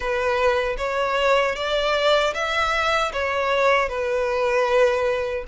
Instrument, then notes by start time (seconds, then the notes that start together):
violin
0.00 B4
0.77 C#5
1.55 D5
2.34 E5
3.12 C#5
3.88 B4